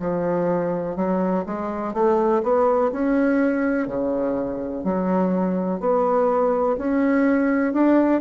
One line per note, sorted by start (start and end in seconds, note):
0.00 0.96 F3
0.96 1.44 F#3
1.46 1.94 G#3
1.94 2.42 A3
2.43 2.91 B3
2.92 3.88 C#4
3.88 4.84 C#3
4.84 5.80 F#3
5.80 6.77 B3
6.78 7.73 C#4
7.73 8.21 D4